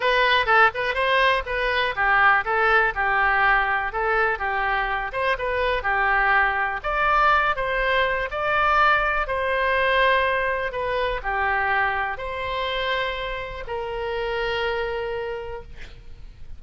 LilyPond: \new Staff \with { instrumentName = "oboe" } { \time 4/4 \tempo 4 = 123 b'4 a'8 b'8 c''4 b'4 | g'4 a'4 g'2 | a'4 g'4. c''8 b'4 | g'2 d''4. c''8~ |
c''4 d''2 c''4~ | c''2 b'4 g'4~ | g'4 c''2. | ais'1 | }